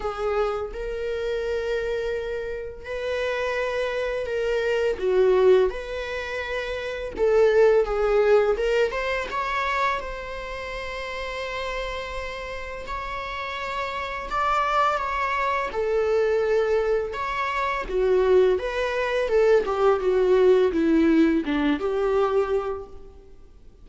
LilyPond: \new Staff \with { instrumentName = "viola" } { \time 4/4 \tempo 4 = 84 gis'4 ais'2. | b'2 ais'4 fis'4 | b'2 a'4 gis'4 | ais'8 c''8 cis''4 c''2~ |
c''2 cis''2 | d''4 cis''4 a'2 | cis''4 fis'4 b'4 a'8 g'8 | fis'4 e'4 d'8 g'4. | }